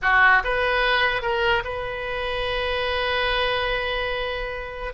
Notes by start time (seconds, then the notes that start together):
0.01 F#4
0.44 B4
1.22 A#4
1.64 B4